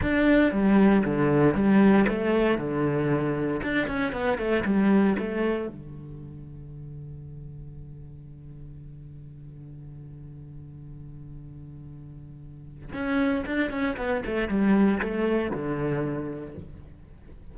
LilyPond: \new Staff \with { instrumentName = "cello" } { \time 4/4 \tempo 4 = 116 d'4 g4 d4 g4 | a4 d2 d'8 cis'8 | b8 a8 g4 a4 d4~ | d1~ |
d1~ | d1~ | d4 cis'4 d'8 cis'8 b8 a8 | g4 a4 d2 | }